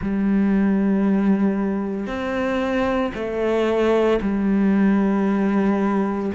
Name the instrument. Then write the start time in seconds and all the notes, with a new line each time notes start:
cello
0.01 G3
2.07 C4
3.14 A3
4.21 G3